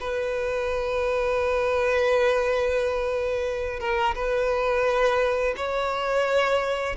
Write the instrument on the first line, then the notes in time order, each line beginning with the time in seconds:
violin
0.00 B4
3.80 A#4
4.15 B4
5.56 C#5